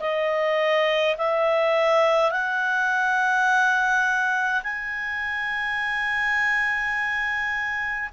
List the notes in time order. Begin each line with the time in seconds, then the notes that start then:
0.00 D#5
1.17 E5
2.31 F#5
4.63 G#5